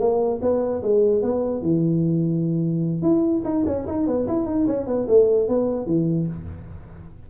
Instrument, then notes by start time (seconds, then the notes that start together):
tuba
0.00 A#3
0.42 B3
0.83 G#3
1.23 B3
1.62 E3
3.03 E4
3.45 D#4
3.67 C#4
3.87 D#4
4.07 B3
4.28 E4
4.46 D#4
4.67 C#4
4.87 B3
5.09 A3
5.49 B3
5.87 E3